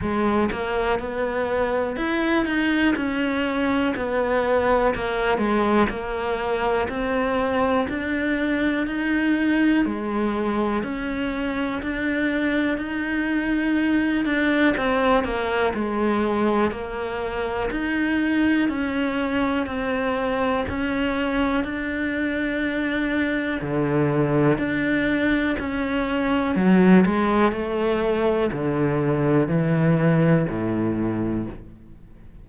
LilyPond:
\new Staff \with { instrumentName = "cello" } { \time 4/4 \tempo 4 = 61 gis8 ais8 b4 e'8 dis'8 cis'4 | b4 ais8 gis8 ais4 c'4 | d'4 dis'4 gis4 cis'4 | d'4 dis'4. d'8 c'8 ais8 |
gis4 ais4 dis'4 cis'4 | c'4 cis'4 d'2 | d4 d'4 cis'4 fis8 gis8 | a4 d4 e4 a,4 | }